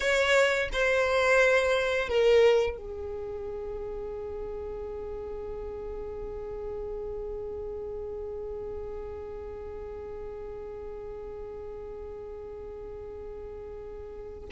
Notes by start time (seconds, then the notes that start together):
0.00 C#5
0.72 C5
2.08 A#4
2.76 G#4